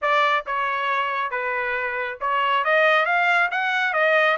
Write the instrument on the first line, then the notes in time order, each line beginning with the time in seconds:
trumpet
0.01 D5
0.46 C#5
1.30 B4
2.20 C#5
2.64 D#5
3.05 F5
3.51 F#5
3.93 D#5